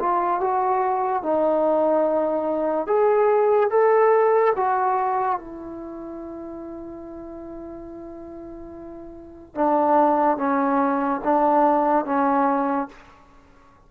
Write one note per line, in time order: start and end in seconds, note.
0.00 0.41 F4
0.41 1.23 F#4
1.23 2.87 D#4
2.87 3.70 G#4
3.70 4.54 A4
4.56 5.39 F#4
5.39 9.55 E4
9.55 10.37 D4
10.37 11.21 C#4
11.25 12.05 D4
12.05 12.89 C#4